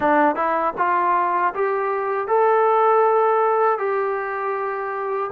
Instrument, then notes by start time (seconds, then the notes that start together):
trombone
0.00 D4
0.35 E4
0.77 F4
1.54 G4
2.28 A4
3.78 G4